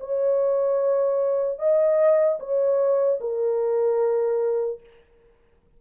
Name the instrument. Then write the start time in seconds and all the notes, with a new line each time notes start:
horn
0.00 C#5
1.59 D#5
2.40 C#5
3.20 A#4